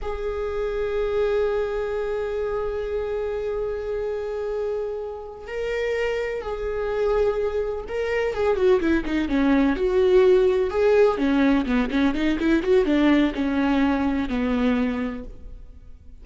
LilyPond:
\new Staff \with { instrumentName = "viola" } { \time 4/4 \tempo 4 = 126 gis'1~ | gis'1~ | gis'2.~ gis'8 ais'8~ | ais'4. gis'2~ gis'8~ |
gis'8 ais'4 gis'8 fis'8 e'8 dis'8 cis'8~ | cis'8 fis'2 gis'4 cis'8~ | cis'8 b8 cis'8 dis'8 e'8 fis'8 d'4 | cis'2 b2 | }